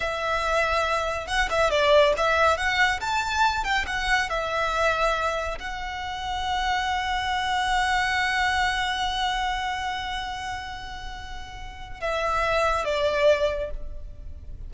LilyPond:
\new Staff \with { instrumentName = "violin" } { \time 4/4 \tempo 4 = 140 e''2. fis''8 e''8 | d''4 e''4 fis''4 a''4~ | a''8 g''8 fis''4 e''2~ | e''4 fis''2.~ |
fis''1~ | fis''1~ | fis''1 | e''2 d''2 | }